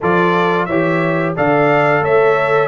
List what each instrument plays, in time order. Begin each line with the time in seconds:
0.01 tuba F3, trombone F4, horn A4, trumpet D5
0.65 tuba E3, trombone G4, horn C#5, trumpet E5
1.36 tuba D3, trombone A4, horn D5, trumpet F5
2.01 tuba A3, horn C#5, trumpet E5